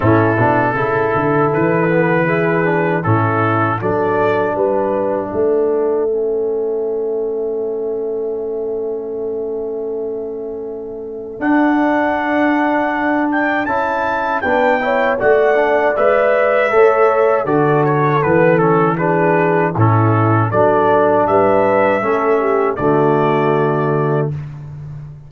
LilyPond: <<
  \new Staff \with { instrumentName = "trumpet" } { \time 4/4 \tempo 4 = 79 a'2 b'2 | a'4 d''4 e''2~ | e''1~ | e''2. fis''4~ |
fis''4. g''8 a''4 g''4 | fis''4 e''2 d''8 cis''8 | b'8 a'8 b'4 a'4 d''4 | e''2 d''2 | }
  \new Staff \with { instrumentName = "horn" } { \time 4/4 e'4 a'2 gis'4 | e'4 a'4 b'4 a'4~ | a'1~ | a'1~ |
a'2. b'8 cis''8 | d''2 cis''4 a'4~ | a'4 gis'4 e'4 a'4 | b'4 a'8 g'8 fis'2 | }
  \new Staff \with { instrumentName = "trombone" } { \time 4/4 cis'8 d'8 e'4. b8 e'8 d'8 | cis'4 d'2. | cis'1~ | cis'2. d'4~ |
d'2 e'4 d'8 e'8 | fis'8 d'8 b'4 a'4 fis'4 | b8 cis'8 d'4 cis'4 d'4~ | d'4 cis'4 a2 | }
  \new Staff \with { instrumentName = "tuba" } { \time 4/4 a,8 b,8 cis8 d8 e2 | a,4 fis4 g4 a4~ | a1~ | a2. d'4~ |
d'2 cis'4 b4 | a4 gis4 a4 d4 | e2 a,4 fis4 | g4 a4 d2 | }
>>